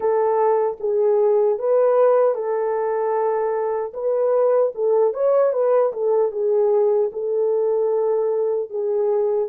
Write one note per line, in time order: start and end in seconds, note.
0.00 0.77 A4
0.80 1.58 G#4
1.58 2.34 B4
2.34 3.92 A4
3.93 4.72 B4
4.74 5.13 A4
5.13 5.53 C#5
5.53 5.92 B4
5.92 6.31 A4
6.31 7.10 G#4
7.12 8.70 A4
8.70 9.48 G#4